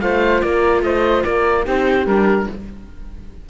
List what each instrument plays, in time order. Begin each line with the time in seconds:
0.00 cello A3, viola F4, flute C5, oboe F5
0.41 cello A#3, flute A#4, oboe D5
0.82 cello A3, flute C5, oboe D#5
1.23 cello A#3, flute A#4, oboe D5
1.64 cello C4, viola D#4, flute G4, oboe C5
2.05 cello G3, viola D4, oboe A#4